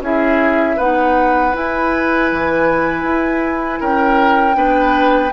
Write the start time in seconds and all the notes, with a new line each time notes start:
0.00 C#4 E4 G#4 E5
0.76 B3 D#4 B4 F#5
1.52 E4 G#5
2.32 E3
3.03 E4
3.80 C#4 A#4 G5
4.54 B3 D4 B4